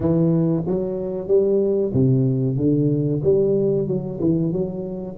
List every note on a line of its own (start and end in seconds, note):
0.00 0.64 E3
0.67 1.27 F#3
1.27 1.92 G3
1.93 2.56 C3
2.56 3.21 D3
3.23 3.87 G3
3.87 4.19 F#3
4.20 4.52 E3
4.52 5.16 F#3